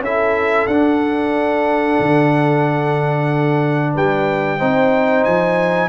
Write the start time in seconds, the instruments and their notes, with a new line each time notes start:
0.00 tuba C#4, trombone E4, horn A4, trumpet E5
0.67 tuba D4, trombone D4, trumpet F#5
1.99 tuba D3
3.93 tuba G3, horn B4, trumpet G5
4.58 tuba C4, trombone D#4, horn C5
5.24 tuba F3, trumpet G#5